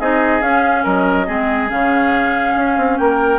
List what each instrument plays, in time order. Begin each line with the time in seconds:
0.00 bassoon C4, clarinet D#4, oboe G#4, flute D#5
0.42 bassoon C#4, clarinet C#4, flute F5
0.84 bassoon F#3, oboe A#4, flute D#5
1.27 bassoon G#3, clarinet C4, oboe G#4
1.68 bassoon C#3, clarinet C#4, flute F5
2.56 bassoon C#4
2.77 bassoon C4
2.98 bassoon A#3, oboe A#4, flute G5